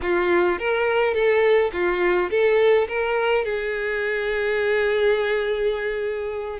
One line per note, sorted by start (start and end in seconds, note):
0.02 0.59 F4
0.59 1.14 A#4
1.14 1.71 A4
1.72 2.30 F4
2.30 2.87 A4
2.88 3.44 A#4
3.44 6.59 G#4